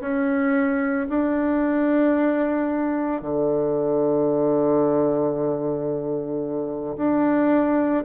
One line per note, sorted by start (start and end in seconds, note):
0.00 1.07 C#4
1.09 3.21 D4
3.21 6.96 D3
6.96 8.04 D4